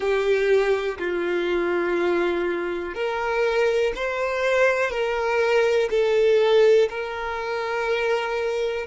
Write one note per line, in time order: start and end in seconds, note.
0.00 0.97 G4
0.98 2.94 F4
2.94 3.92 A#4
3.95 4.90 C5
4.90 5.89 A#4
5.90 6.89 A4
6.89 8.86 A#4